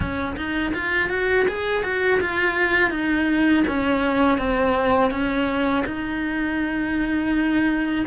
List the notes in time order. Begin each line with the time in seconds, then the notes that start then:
0.00 C#4
0.36 D#4
0.74 F4
1.09 F#4
1.48 G#4
1.83 F#4
2.20 F4
2.90 D#4
3.67 C#4
4.38 C4
5.11 C#4
5.85 D#4